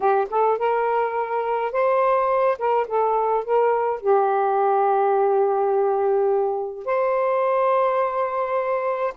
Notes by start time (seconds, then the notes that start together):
0.00 G4
0.29 A4
0.58 A#4
1.71 C5
2.58 A#4
2.87 A4
3.44 A#4
4.01 G4
6.85 C5